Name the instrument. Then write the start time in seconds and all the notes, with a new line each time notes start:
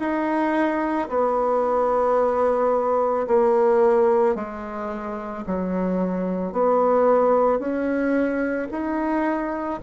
bassoon
0.00 D#4
1.09 B3
3.28 A#3
4.36 G#3
5.47 F#3
6.53 B3
7.60 C#4
8.72 D#4